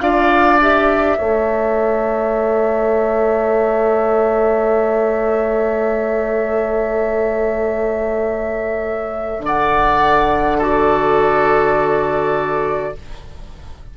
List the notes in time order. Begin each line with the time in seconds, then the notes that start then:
0.00 D4 F4 D5 F5
0.61 G4 E5
1.17 A3 A4 C#5
9.39 D3
9.45 D5 F#5
10.57 F#4 A4 D5